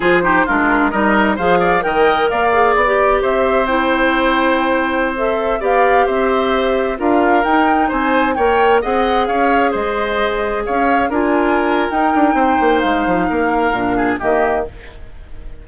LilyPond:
<<
  \new Staff \with { instrumentName = "flute" } { \time 4/4 \tempo 4 = 131 c''4 ais'4 dis''4 f''4 | g''4 f''4 d''4 e''4 | g''2.~ g''16 e''8.~ | e''16 f''4 e''2 f''8.~ |
f''16 g''4 gis''4 g''4 fis''8.~ | fis''16 f''4 dis''2 f''8.~ | f''16 gis''4.~ gis''16 g''2 | f''2. dis''4 | }
  \new Staff \with { instrumentName = "oboe" } { \time 4/4 gis'8 g'8 f'4 ais'4 c''8 d''8 | dis''4 d''2 c''4~ | c''1~ | c''16 d''4 c''2 ais'8.~ |
ais'4~ ais'16 c''4 cis''4 dis''8.~ | dis''16 cis''4 c''2 cis''8.~ | cis''16 ais'2~ ais'8. c''4~ | c''4 ais'4. gis'8 g'4 | }
  \new Staff \with { instrumentName = "clarinet" } { \time 4/4 f'8 dis'8 d'4 dis'4 gis'4 | ais'4. gis'8. g'4.~ g'16 | e'2.~ e'16 a'8.~ | a'16 g'2. f'8.~ |
f'16 dis'2 ais'4 gis'8.~ | gis'1~ | gis'16 f'4.~ f'16 dis'2~ | dis'2 d'4 ais4 | }
  \new Staff \with { instrumentName = "bassoon" } { \time 4/4 f4 gis4 g4 f4 | dis4 ais4 b4 c'4~ | c'1~ | c'16 b4 c'2 d'8.~ |
d'16 dis'4 c'4 ais4 c'8.~ | c'16 cis'4 gis2 cis'8.~ | cis'16 d'4.~ d'16 dis'8 d'8 c'8 ais8 | gis8 f8 ais4 ais,4 dis4 | }
>>